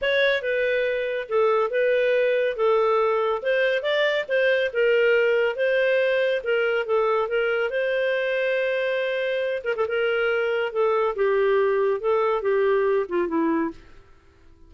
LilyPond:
\new Staff \with { instrumentName = "clarinet" } { \time 4/4 \tempo 4 = 140 cis''4 b'2 a'4 | b'2 a'2 | c''4 d''4 c''4 ais'4~ | ais'4 c''2 ais'4 |
a'4 ais'4 c''2~ | c''2~ c''8 ais'16 a'16 ais'4~ | ais'4 a'4 g'2 | a'4 g'4. f'8 e'4 | }